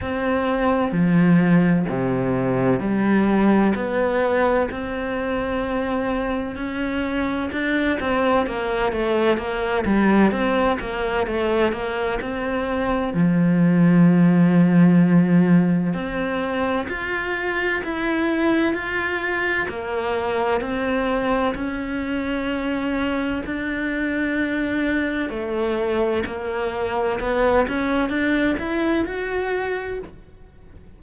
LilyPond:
\new Staff \with { instrumentName = "cello" } { \time 4/4 \tempo 4 = 64 c'4 f4 c4 g4 | b4 c'2 cis'4 | d'8 c'8 ais8 a8 ais8 g8 c'8 ais8 | a8 ais8 c'4 f2~ |
f4 c'4 f'4 e'4 | f'4 ais4 c'4 cis'4~ | cis'4 d'2 a4 | ais4 b8 cis'8 d'8 e'8 fis'4 | }